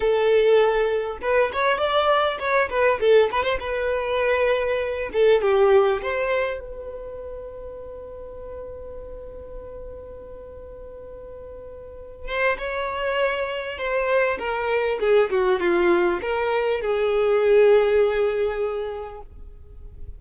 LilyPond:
\new Staff \with { instrumentName = "violin" } { \time 4/4 \tempo 4 = 100 a'2 b'8 cis''8 d''4 | cis''8 b'8 a'8 b'16 c''16 b'2~ | b'8 a'8 g'4 c''4 b'4~ | b'1~ |
b'1~ | b'8 c''8 cis''2 c''4 | ais'4 gis'8 fis'8 f'4 ais'4 | gis'1 | }